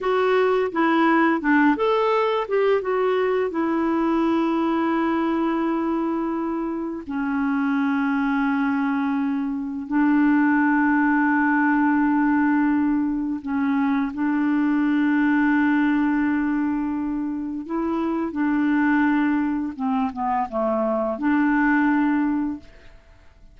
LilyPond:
\new Staff \with { instrumentName = "clarinet" } { \time 4/4 \tempo 4 = 85 fis'4 e'4 d'8 a'4 g'8 | fis'4 e'2.~ | e'2 cis'2~ | cis'2 d'2~ |
d'2. cis'4 | d'1~ | d'4 e'4 d'2 | c'8 b8 a4 d'2 | }